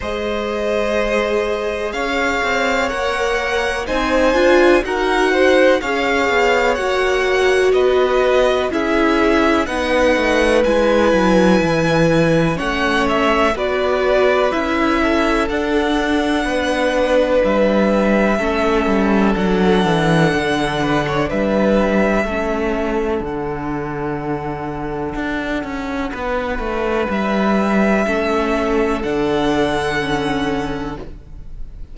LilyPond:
<<
  \new Staff \with { instrumentName = "violin" } { \time 4/4 \tempo 4 = 62 dis''2 f''4 fis''4 | gis''4 fis''4 f''4 fis''4 | dis''4 e''4 fis''4 gis''4~ | gis''4 fis''8 e''8 d''4 e''4 |
fis''2 e''2 | fis''2 e''2 | fis''1 | e''2 fis''2 | }
  \new Staff \with { instrumentName = "violin" } { \time 4/4 c''2 cis''2 | c''4 ais'8 c''8 cis''2 | b'4 gis'4 b'2~ | b'4 cis''4 b'4. a'8~ |
a'4 b'2 a'4~ | a'4. b'16 cis''16 b'4 a'4~ | a'2. b'4~ | b'4 a'2. | }
  \new Staff \with { instrumentName = "viola" } { \time 4/4 gis'2. ais'4 | dis'8 f'8 fis'4 gis'4 fis'4~ | fis'4 e'4 dis'4 e'4~ | e'4 cis'4 fis'4 e'4 |
d'2. cis'4 | d'2. cis'4 | d'1~ | d'4 cis'4 d'4 cis'4 | }
  \new Staff \with { instrumentName = "cello" } { \time 4/4 gis2 cis'8 c'8 ais4 | c'8 d'8 dis'4 cis'8 b8 ais4 | b4 cis'4 b8 a8 gis8 fis8 | e4 a4 b4 cis'4 |
d'4 b4 g4 a8 g8 | fis8 e8 d4 g4 a4 | d2 d'8 cis'8 b8 a8 | g4 a4 d2 | }
>>